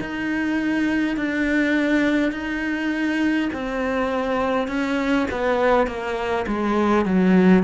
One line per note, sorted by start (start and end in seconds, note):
0.00 1.17 D#4
1.17 2.32 D4
2.32 3.50 D#4
3.53 4.68 C4
4.68 5.27 C#4
5.31 5.87 B3
5.87 6.46 A#3
6.47 7.05 G#3
7.05 7.64 F#3